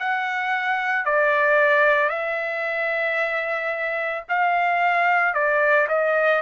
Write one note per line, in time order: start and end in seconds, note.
0.00 1.06 F#5
1.06 2.10 D5
2.10 4.24 E5
4.29 5.34 F5
5.34 5.88 D5
5.89 6.42 D#5